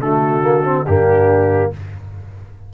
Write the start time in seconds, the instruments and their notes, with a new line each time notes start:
0.00 tuba D3, trombone A3, horn F#4, trumpet A4
0.42 trombone A#3
0.64 trombone C4
0.86 tuba G2, trombone A#3, horn D4, trumpet G4